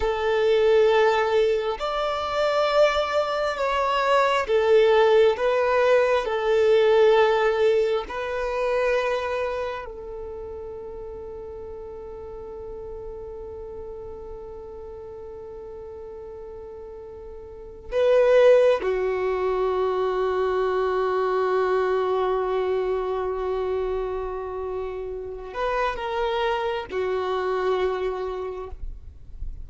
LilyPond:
\new Staff \with { instrumentName = "violin" } { \time 4/4 \tempo 4 = 67 a'2 d''2 | cis''4 a'4 b'4 a'4~ | a'4 b'2 a'4~ | a'1~ |
a'1 | b'4 fis'2.~ | fis'1~ | fis'8 b'8 ais'4 fis'2 | }